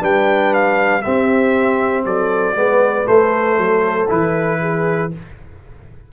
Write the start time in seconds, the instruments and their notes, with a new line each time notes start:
0.00 tuba G3, trombone D4, horn B4, trumpet G5
0.54 trumpet F5
1.02 trombone C4, tuba C4, horn G4, trumpet E5
2.05 tuba F#3, horn A4, trumpet D5
2.55 tuba G#3, trombone B3, horn B4
3.05 trombone A3, tuba A3, trumpet C5
3.58 tuba F#3, horn A4
4.09 tuba E3, trombone E4, trumpet B4
4.61 horn G#4